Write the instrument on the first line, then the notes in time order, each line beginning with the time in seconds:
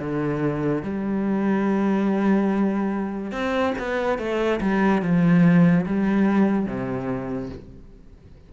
cello
0.00 D3
0.83 G3
3.32 C4
3.79 B3
4.19 A3
4.61 G3
5.02 F3
5.86 G3
6.66 C3